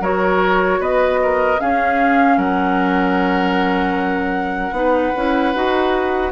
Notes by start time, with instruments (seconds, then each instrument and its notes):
0.00 bassoon F#3, clarinet F#4, oboe A#4, flute C#5
0.79 bassoon B3, oboe B4, flute D#5
1.22 oboe A#4
1.58 clarinet C#4, bassoon C#4, oboe G#4, flute F5
2.37 bassoon F#3, oboe A#4, flute F#5
4.72 bassoon B3, clarinet D#4
4.78 oboe B4
5.16 bassoon C#4, clarinet E4
5.54 bassoon D#4, clarinet F#4